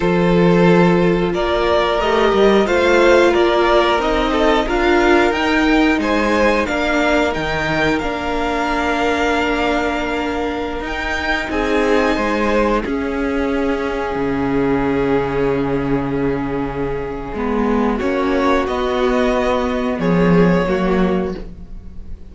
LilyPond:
<<
  \new Staff \with { instrumentName = "violin" } { \time 4/4 \tempo 4 = 90 c''2 d''4 dis''4 | f''4 d''4 dis''4 f''4 | g''4 gis''4 f''4 g''4 | f''1~ |
f''16 g''4 gis''2 e''8.~ | e''1~ | e''2. cis''4 | dis''2 cis''2 | }
  \new Staff \with { instrumentName = "violin" } { \time 4/4 a'2 ais'2 | c''4 ais'4. a'8 ais'4~ | ais'4 c''4 ais'2~ | ais'1~ |
ais'4~ ais'16 gis'4 c''4 gis'8.~ | gis'1~ | gis'2. fis'4~ | fis'2 gis'4 fis'4 | }
  \new Staff \with { instrumentName = "viola" } { \time 4/4 f'2. g'4 | f'2 dis'4 f'4 | dis'2 d'4 dis'4 | d'1~ |
d'16 dis'2. cis'8.~ | cis'1~ | cis'2 b4 cis'4 | b2. ais4 | }
  \new Staff \with { instrumentName = "cello" } { \time 4/4 f2 ais4 a8 g8 | a4 ais4 c'4 d'4 | dis'4 gis4 ais4 dis4 | ais1~ |
ais16 dis'4 c'4 gis4 cis'8.~ | cis'4~ cis'16 cis2~ cis8.~ | cis2 gis4 ais4 | b2 f4 fis4 | }
>>